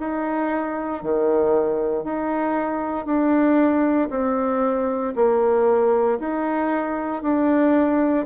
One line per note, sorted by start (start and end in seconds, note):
0.00 1.03 D#4
1.03 2.04 D#3
2.04 3.06 D#4
3.06 4.09 D4
4.10 5.13 C4
5.15 6.19 A#3
6.20 7.23 D#4
7.23 8.26 D4